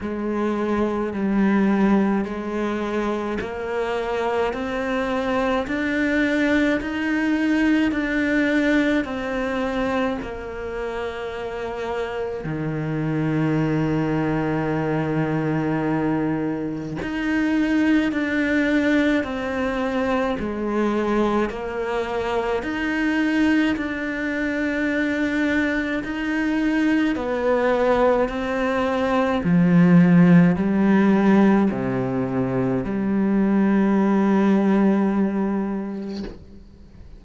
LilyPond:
\new Staff \with { instrumentName = "cello" } { \time 4/4 \tempo 4 = 53 gis4 g4 gis4 ais4 | c'4 d'4 dis'4 d'4 | c'4 ais2 dis4~ | dis2. dis'4 |
d'4 c'4 gis4 ais4 | dis'4 d'2 dis'4 | b4 c'4 f4 g4 | c4 g2. | }